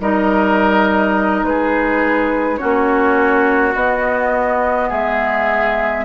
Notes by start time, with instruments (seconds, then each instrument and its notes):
0.00 bassoon G3, clarinet D#4, oboe A#4, flute D#5
1.43 bassoon G#3, oboe G#4, flute B4
2.57 bassoon A#3, clarinet C#4, oboe F#4, flute C#5
3.75 bassoon B3, clarinet B3, flute D#5
4.89 bassoon G#3, oboe G#4, flute E5